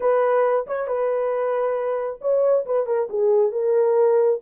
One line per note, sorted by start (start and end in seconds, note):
0.00 0.66 B4
0.67 0.87 C#5
0.87 2.19 B4
2.21 2.65 C#5
2.65 2.86 B4
2.86 3.08 A#4
3.09 3.51 G#4
3.51 4.40 A#4